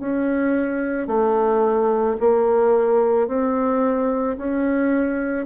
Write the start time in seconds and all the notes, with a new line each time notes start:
0.00 C#4
1.08 A3
2.21 A#3
3.28 C4
4.38 C#4